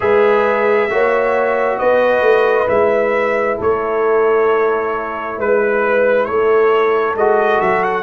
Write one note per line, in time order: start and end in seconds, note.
0.00 0.89 G#3
0.00 0.89 G#4
0.00 0.91 B4
0.00 1.78 E5
0.89 1.79 A#3
0.89 2.67 F#4
0.89 1.78 C#5
1.78 2.21 B3
1.78 3.57 B4
1.78 2.68 D#5
2.21 2.65 A3
2.67 3.58 G#3
2.67 7.15 E4
2.67 3.58 E5
3.57 5.38 A3
3.57 5.36 A4
3.57 5.40 C#5
5.38 6.26 G#3
5.38 6.26 B4
5.38 6.25 B4
6.25 7.15 A3
6.25 8.02 A4
6.25 7.14 C#5
7.15 7.60 G#3
7.15 8.02 F#4
7.15 7.60 D#5
7.60 8.02 F#3
7.60 7.83 E5
7.83 8.02 F#5